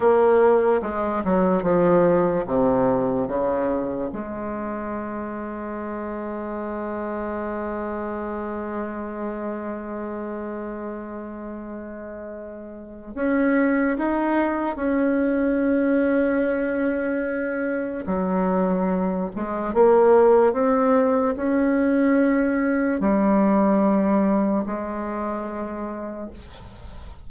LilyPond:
\new Staff \with { instrumentName = "bassoon" } { \time 4/4 \tempo 4 = 73 ais4 gis8 fis8 f4 c4 | cis4 gis2.~ | gis1~ | gis1 |
cis'4 dis'4 cis'2~ | cis'2 fis4. gis8 | ais4 c'4 cis'2 | g2 gis2 | }